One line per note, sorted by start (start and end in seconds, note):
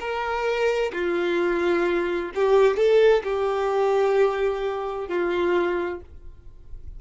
0.00 0.92 A#4
0.93 2.32 F4
2.35 2.77 G4
2.77 3.23 A4
3.23 5.08 G4
5.08 6.00 F4